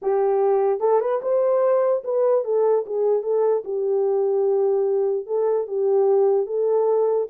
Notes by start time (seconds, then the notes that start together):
0.02 G4
0.80 A4
1.00 B4
1.22 C5
2.04 B4
2.44 A4
2.86 G#4
3.22 A4
3.64 G4
5.26 A4
5.67 G4
6.46 A4